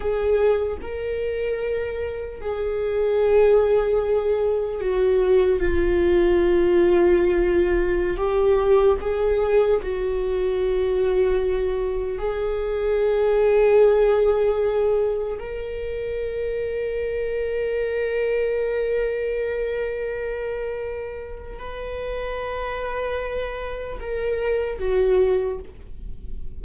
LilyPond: \new Staff \with { instrumentName = "viola" } { \time 4/4 \tempo 4 = 75 gis'4 ais'2 gis'4~ | gis'2 fis'4 f'4~ | f'2~ f'16 g'4 gis'8.~ | gis'16 fis'2. gis'8.~ |
gis'2.~ gis'16 ais'8.~ | ais'1~ | ais'2. b'4~ | b'2 ais'4 fis'4 | }